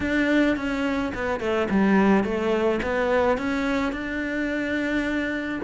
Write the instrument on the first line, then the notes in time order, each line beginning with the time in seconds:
cello
0.00 D4
0.56 C#4
1.14 B3
1.39 A3
1.70 G3
2.24 A3
2.82 B3
3.37 C#4
3.92 D4